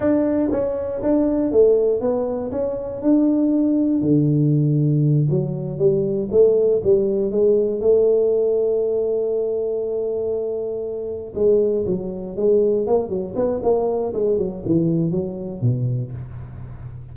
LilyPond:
\new Staff \with { instrumentName = "tuba" } { \time 4/4 \tempo 4 = 119 d'4 cis'4 d'4 a4 | b4 cis'4 d'2 | d2~ d8 fis4 g8~ | g8 a4 g4 gis4 a8~ |
a1~ | a2~ a8 gis4 fis8~ | fis8 gis4 ais8 fis8 b8 ais4 | gis8 fis8 e4 fis4 b,4 | }